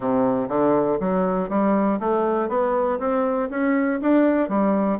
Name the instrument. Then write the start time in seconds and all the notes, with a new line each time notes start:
bassoon
0.00 C3
0.48 D3
1.00 F#3
1.49 G3
1.99 A3
2.48 B3
2.99 C4
3.50 C#4
4.01 D4
4.48 G3